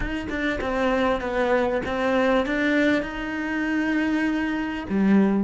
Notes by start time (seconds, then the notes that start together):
0.00 D#4
0.29 D4
0.61 C4
1.21 B3
1.85 C4
2.45 D4
3.02 D#4
4.89 G3